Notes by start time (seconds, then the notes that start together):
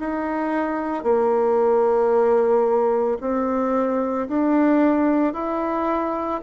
0.00 D#4
1.04 A#3
3.21 C4
4.29 D4
5.34 E4